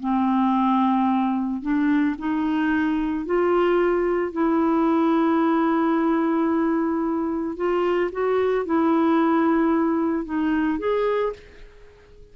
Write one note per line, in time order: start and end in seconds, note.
0.00 1.62 C4
1.62 2.16 D4
2.18 3.26 D#4
3.26 4.32 F4
4.32 7.56 E4
7.56 8.10 F4
8.12 8.66 F#4
8.66 10.25 E4
10.25 10.79 D#4
10.79 11.33 G#4